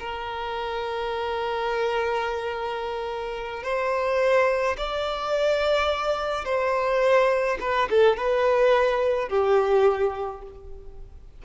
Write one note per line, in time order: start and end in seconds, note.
0.00 3.64 A#4
3.64 4.77 C5
4.78 6.45 D5
6.45 7.58 C5
7.61 7.89 B4
7.90 8.17 A4
8.17 9.29 B4
9.29 10.43 G4